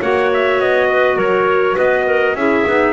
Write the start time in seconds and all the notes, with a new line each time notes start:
0.00 A#3 F#4 C#5 F#5
0.34 E5
0.59 B3 D#5
0.90 B4
1.17 F#3 A#4 C#5
1.76 B3 B4 D#5
2.06 A#4
2.35 C#4 E4 G#4 E5
2.67 B3 D#4